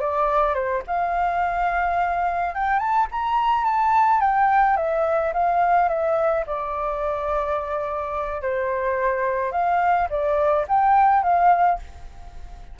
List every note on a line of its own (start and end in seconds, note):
0.00 0.54 D5
0.54 0.82 C5
0.87 2.55 F5
2.55 2.79 G5
2.79 3.07 A5
3.11 3.64 A#5
3.64 4.21 A5
4.21 4.77 G5
4.77 5.33 E5
5.33 5.88 F5
5.88 6.44 E5
6.46 8.42 D5
8.42 9.52 C5
9.52 10.08 F5
10.10 10.66 D5
10.68 11.23 G5
11.23 11.79 F5